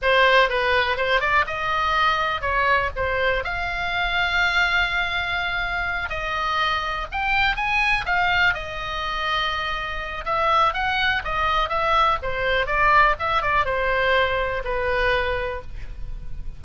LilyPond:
\new Staff \with { instrumentName = "oboe" } { \time 4/4 \tempo 4 = 123 c''4 b'4 c''8 d''8 dis''4~ | dis''4 cis''4 c''4 f''4~ | f''1~ | f''8 dis''2 g''4 gis''8~ |
gis''8 f''4 dis''2~ dis''8~ | dis''4 e''4 fis''4 dis''4 | e''4 c''4 d''4 e''8 d''8 | c''2 b'2 | }